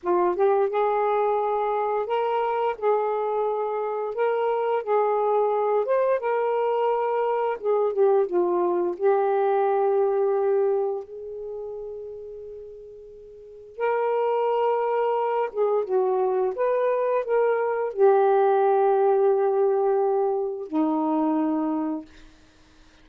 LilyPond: \new Staff \with { instrumentName = "saxophone" } { \time 4/4 \tempo 4 = 87 f'8 g'8 gis'2 ais'4 | gis'2 ais'4 gis'4~ | gis'8 c''8 ais'2 gis'8 g'8 | f'4 g'2. |
gis'1 | ais'2~ ais'8 gis'8 fis'4 | b'4 ais'4 g'2~ | g'2 dis'2 | }